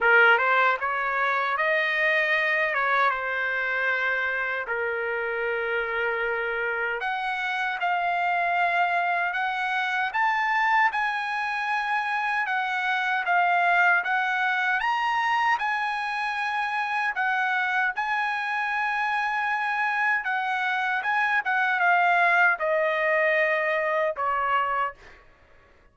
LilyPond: \new Staff \with { instrumentName = "trumpet" } { \time 4/4 \tempo 4 = 77 ais'8 c''8 cis''4 dis''4. cis''8 | c''2 ais'2~ | ais'4 fis''4 f''2 | fis''4 a''4 gis''2 |
fis''4 f''4 fis''4 ais''4 | gis''2 fis''4 gis''4~ | gis''2 fis''4 gis''8 fis''8 | f''4 dis''2 cis''4 | }